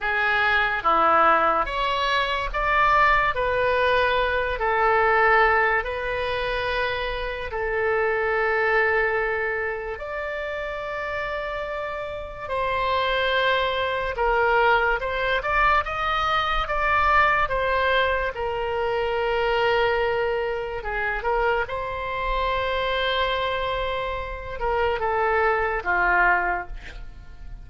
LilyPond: \new Staff \with { instrumentName = "oboe" } { \time 4/4 \tempo 4 = 72 gis'4 e'4 cis''4 d''4 | b'4. a'4. b'4~ | b'4 a'2. | d''2. c''4~ |
c''4 ais'4 c''8 d''8 dis''4 | d''4 c''4 ais'2~ | ais'4 gis'8 ais'8 c''2~ | c''4. ais'8 a'4 f'4 | }